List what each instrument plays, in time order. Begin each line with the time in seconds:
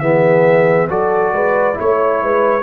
0.00 tuba E3, trombone B3, horn G#4, trumpet E5
0.89 tuba F#3, trombone F#4, horn A4, trumpet D5
1.33 tuba G#3, horn B4
1.74 tuba A3, trombone E4, trumpet C#5
1.82 horn C#5
2.23 tuba G#3, horn B4